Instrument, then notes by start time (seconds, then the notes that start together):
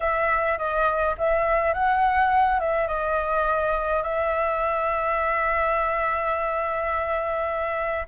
flute
0.00 E5
0.58 D#5
1.17 E5
1.73 F#5
2.59 E5
2.87 D#5
4.03 E5